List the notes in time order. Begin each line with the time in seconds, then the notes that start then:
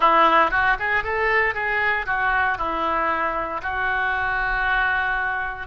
0.00 E4
0.51 F#4
0.79 G#4
1.03 A4
1.54 G#4
2.06 F#4
2.57 E4
3.62 F#4